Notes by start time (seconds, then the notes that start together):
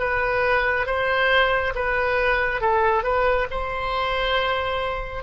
0.00 B4
0.87 C5
1.75 B4
2.62 A4
3.04 B4
3.51 C5